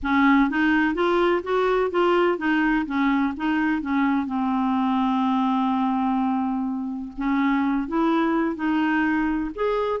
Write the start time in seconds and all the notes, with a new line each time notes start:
0.02 C#4
0.49 D#4
0.94 F4
1.43 F#4
1.90 F4
2.38 D#4
2.85 C#4
3.36 D#4
3.81 C#4
4.26 C4
7.17 C#4
7.87 E4
8.55 D#4
9.55 G#4